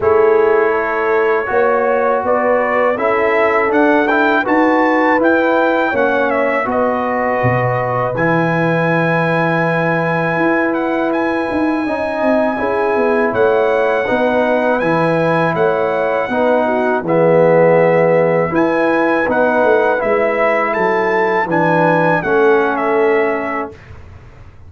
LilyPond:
<<
  \new Staff \with { instrumentName = "trumpet" } { \time 4/4 \tempo 4 = 81 cis''2. d''4 | e''4 fis''8 g''8 a''4 g''4 | fis''8 e''8 dis''2 gis''4~ | gis''2~ gis''8 fis''8 gis''4~ |
gis''2 fis''2 | gis''4 fis''2 e''4~ | e''4 gis''4 fis''4 e''4 | a''4 gis''4 fis''8. e''4~ e''16 | }
  \new Staff \with { instrumentName = "horn" } { \time 4/4 gis'4 a'4 cis''4 b'4 | a'2 b'2 | cis''4 b'2.~ | b'1 |
dis''4 gis'4 cis''4 b'4~ | b'4 cis''4 b'8 fis'8 gis'4~ | gis'4 b'2. | a'4 b'4 a'2 | }
  \new Staff \with { instrumentName = "trombone" } { \time 4/4 e'2 fis'2 | e'4 d'8 e'8 fis'4 e'4 | cis'4 fis'2 e'4~ | e'1 |
dis'4 e'2 dis'4 | e'2 dis'4 b4~ | b4 e'4 dis'4 e'4~ | e'4 d'4 cis'2 | }
  \new Staff \with { instrumentName = "tuba" } { \time 4/4 a2 ais4 b4 | cis'4 d'4 dis'4 e'4 | ais4 b4 b,4 e4~ | e2 e'4. dis'8 |
cis'8 c'8 cis'8 b8 a4 b4 | e4 a4 b4 e4~ | e4 e'4 b8 a8 gis4 | fis4 e4 a2 | }
>>